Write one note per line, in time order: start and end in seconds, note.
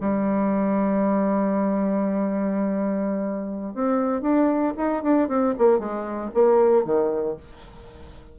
0.00 3.74 G3
3.74 4.22 C4
4.22 4.73 D4
4.77 5.03 D#4
5.03 5.28 D4
5.28 5.54 C4
5.58 5.79 A#3
5.79 6.31 G#3
6.34 6.85 A#3
6.85 7.37 D#3